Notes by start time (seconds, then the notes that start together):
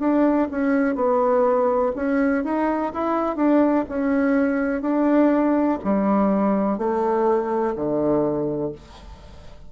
0.00 D4
0.51 C#4
0.95 B3
1.96 C#4
2.45 D#4
2.94 E4
3.37 D4
3.89 C#4
4.82 D4
5.84 G3
6.78 A3
7.76 D3